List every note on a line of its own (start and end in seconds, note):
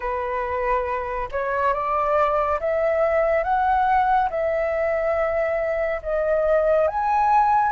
0.00 1.29 B4
1.31 1.73 C#5
1.73 2.59 D5
2.59 3.43 E5
3.43 4.29 F#5
4.29 6.01 E5
6.02 6.87 D#5
6.87 7.72 G#5